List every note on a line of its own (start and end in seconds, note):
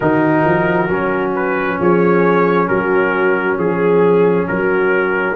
0.00 0.45 D#3
0.00 0.88 D#4
0.00 1.79 F#4
0.00 1.31 A#4
0.45 0.89 F3
0.88 1.78 F#3
0.88 5.35 C#4
1.35 1.79 B4
1.79 2.69 F3
1.79 2.68 G#4
1.79 2.68 C#5
2.68 3.58 F#3
2.68 3.57 F#4
2.68 3.57 A#4
3.58 4.47 F3
3.58 4.47 G#4
4.47 5.35 F#3
4.47 5.35 F#4
4.47 5.35 A#4